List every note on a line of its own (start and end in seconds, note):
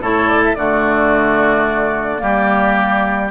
0.00 0.55 A2
0.00 0.57 E4
0.00 0.57 A4
0.00 0.29 C#5
0.29 0.42 D5
0.45 0.55 E5
0.55 2.22 D3
0.55 2.18 A3
0.55 2.22 F#4
0.55 3.30 D5
2.18 3.31 G3
2.18 3.28 A#3
2.18 3.31 G4